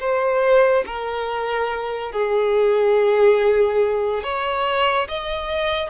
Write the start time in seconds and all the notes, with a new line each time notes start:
0.00 C5
0.86 A#4
2.12 G#4
4.23 C#5
5.09 D#5